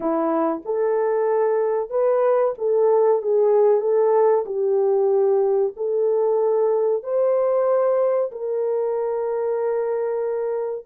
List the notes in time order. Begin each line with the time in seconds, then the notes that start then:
0.00 E4
0.65 A4
1.90 B4
2.58 A4
3.22 G#4
3.81 A4
4.45 G4
5.76 A4
7.03 C5
8.31 A#4